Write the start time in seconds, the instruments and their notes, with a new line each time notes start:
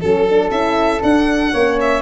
0.00 tuba F#3, horn C#4, violin A4, flute A4
0.29 horn D4
0.50 tuba C#4, horn E4, violin E5
1.02 horn D4, tuba D4, violin F#5
1.52 tuba A#3, horn C#4, flute C#5
1.81 violin E5